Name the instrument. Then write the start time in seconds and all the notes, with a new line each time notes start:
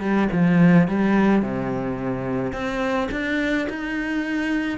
cello
0.00 G3
0.32 F3
0.88 G3
1.42 C3
2.52 C4
3.11 D4
3.69 D#4